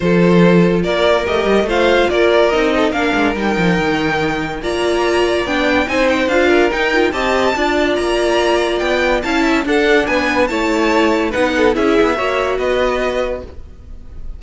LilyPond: <<
  \new Staff \with { instrumentName = "violin" } { \time 4/4 \tempo 4 = 143 c''2 d''4 dis''4 | f''4 d''4 dis''4 f''4 | g''2. ais''4~ | ais''4 g''4 gis''8 g''8 f''4 |
g''4 a''2 ais''4~ | ais''4 g''4 a''4 fis''4 | gis''4 a''2 fis''4 | e''2 dis''2 | }
  \new Staff \with { instrumentName = "violin" } { \time 4/4 a'2 ais'2 | c''4 ais'4. a'8 ais'4~ | ais'2. d''4~ | d''2 c''4. ais'8~ |
ais'4 dis''4 d''2~ | d''2 f''8 e''8 a'4 | b'4 cis''2 b'8 a'8 | gis'4 cis''4 b'2 | }
  \new Staff \with { instrumentName = "viola" } { \time 4/4 f'2. g'4 | f'2 dis'4 d'4 | dis'2. f'4~ | f'4 d'4 dis'4 f'4 |
dis'8 f'8 g'4 f'2~ | f'2 e'4 d'4~ | d'4 e'2 dis'4 | e'4 fis'2. | }
  \new Staff \with { instrumentName = "cello" } { \time 4/4 f2 ais4 a8 g8 | a4 ais4 c'4 ais8 gis8 | g8 f8 dis2 ais4~ | ais4 b4 c'4 d'4 |
dis'4 c'4 d'4 ais4~ | ais4 b4 cis'4 d'4 | b4 a2 b4 | cis'8 b8 ais4 b2 | }
>>